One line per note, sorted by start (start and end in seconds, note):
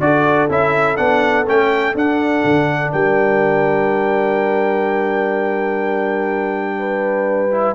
0.00 0.48 D4
0.00 0.48 F#4
0.00 2.91 A4
0.00 0.49 D5
0.49 0.98 C#4
0.49 0.97 E4
0.49 0.96 E5
0.96 1.47 B3
0.96 1.45 D4
0.96 1.45 F#5
1.47 1.94 A3
1.47 1.94 C#4
1.47 1.96 G5
1.94 7.51 D4
1.94 2.43 D4
1.94 2.91 F#5
2.44 2.92 D3
2.91 7.75 G3
2.91 6.78 A#4
2.91 7.75 G5
6.79 7.75 B4
7.51 7.75 E4